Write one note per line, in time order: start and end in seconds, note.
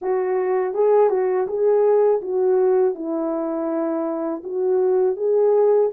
0.01 0.74 F#4
0.74 1.09 G#4
1.09 1.46 F#4
1.47 2.21 G#4
2.21 2.95 F#4
2.95 4.42 E4
4.43 5.16 F#4
5.16 5.90 G#4